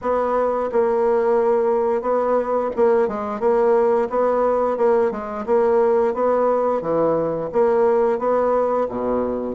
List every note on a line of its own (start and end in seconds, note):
0.01 0.69 B3
0.72 2.01 A#3
2.01 2.69 B3
2.76 3.07 A#3
3.07 3.40 G#3
3.40 4.08 A#3
4.09 4.77 B3
4.77 5.11 A#3
5.11 5.45 G#3
5.45 6.14 A#3
6.14 6.81 B3
6.81 7.49 E3
7.52 8.18 A#3
8.18 8.87 B3
8.89 9.55 B2